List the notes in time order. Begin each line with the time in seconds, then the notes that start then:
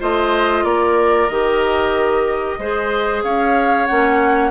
0.00 A3 F4 C5 D#5
0.64 A#3 A#4 D5
1.29 D#3 G4 D#5
2.59 G#3 G#4 C5
3.24 C#4 C#5 F5
3.86 A#3 C#4 F#5